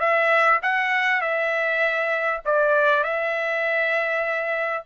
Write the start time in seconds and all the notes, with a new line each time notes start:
0.00 E5
0.62 F#5
1.21 E5
2.45 D5
3.04 E5